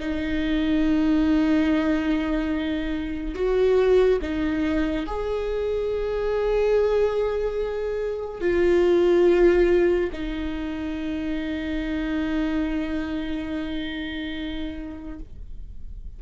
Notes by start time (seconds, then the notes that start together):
0.00 D#4
3.35 F#4
4.22 D#4
5.07 G#4
8.41 F4
10.13 D#4